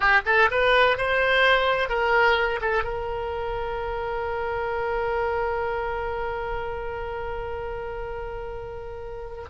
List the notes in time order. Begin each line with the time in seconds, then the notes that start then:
0.00 G4
0.25 A4
0.50 B4
0.97 C5
1.89 A#4
2.61 A4
2.83 A#4